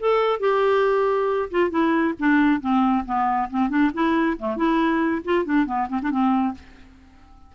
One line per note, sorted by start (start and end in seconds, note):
0.00 0.40 A4
0.40 1.50 G4
1.51 1.71 F4
1.71 2.14 E4
2.19 2.61 D4
2.61 3.05 C4
3.06 3.49 B3
3.51 3.69 C4
3.69 3.91 D4
3.94 4.38 E4
4.39 4.57 A3
4.57 5.23 E4
5.25 5.45 F4
5.45 5.66 D4
5.66 5.88 B3
5.89 6.00 C4
6.03 6.11 D4
6.11 6.55 C4